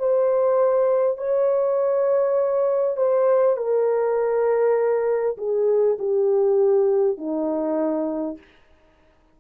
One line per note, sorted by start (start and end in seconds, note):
0.00 1.18 C5
1.18 2.97 C#5
2.97 3.57 C5
3.57 5.37 A#4
5.38 5.98 G#4
5.99 7.18 G4
7.18 8.38 D#4